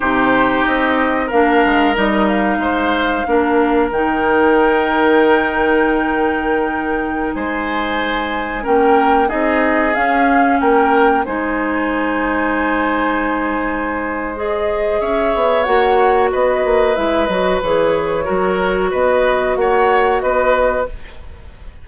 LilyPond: <<
  \new Staff \with { instrumentName = "flute" } { \time 4/4 \tempo 4 = 92 c''4 dis''4 f''4 dis''8 f''8~ | f''2 g''2~ | g''2.~ g''16 gis''8.~ | gis''4~ gis''16 g''4 dis''4 f''8.~ |
f''16 g''4 gis''2~ gis''8.~ | gis''2 dis''4 e''4 | fis''4 dis''4 e''8 dis''8 cis''4~ | cis''4 dis''4 fis''4 dis''4 | }
  \new Staff \with { instrumentName = "oboe" } { \time 4/4 g'2 ais'2 | c''4 ais'2.~ | ais'2.~ ais'16 c''8.~ | c''4~ c''16 ais'4 gis'4.~ gis'16~ |
gis'16 ais'4 c''2~ c''8.~ | c''2. cis''4~ | cis''4 b'2. | ais'4 b'4 cis''4 b'4 | }
  \new Staff \with { instrumentName = "clarinet" } { \time 4/4 dis'2 d'4 dis'4~ | dis'4 d'4 dis'2~ | dis'1~ | dis'4~ dis'16 cis'4 dis'4 cis'8.~ |
cis'4~ cis'16 dis'2~ dis'8.~ | dis'2 gis'2 | fis'2 e'8 fis'8 gis'4 | fis'1 | }
  \new Staff \with { instrumentName = "bassoon" } { \time 4/4 c4 c'4 ais8 gis8 g4 | gis4 ais4 dis2~ | dis2.~ dis16 gis8.~ | gis4~ gis16 ais4 c'4 cis'8.~ |
cis'16 ais4 gis2~ gis8.~ | gis2. cis'8 b8 | ais4 b8 ais8 gis8 fis8 e4 | fis4 b4 ais4 b4 | }
>>